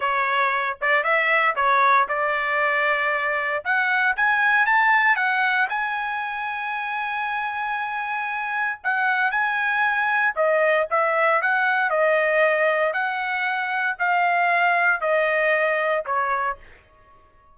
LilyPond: \new Staff \with { instrumentName = "trumpet" } { \time 4/4 \tempo 4 = 116 cis''4. d''8 e''4 cis''4 | d''2. fis''4 | gis''4 a''4 fis''4 gis''4~ | gis''1~ |
gis''4 fis''4 gis''2 | dis''4 e''4 fis''4 dis''4~ | dis''4 fis''2 f''4~ | f''4 dis''2 cis''4 | }